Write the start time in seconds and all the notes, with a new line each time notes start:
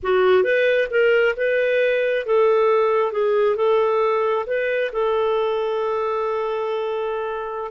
0.02 F#4
0.43 B4
0.90 A#4
1.36 B4
2.26 A4
3.12 G#4
3.56 A4
4.46 B4
4.92 A4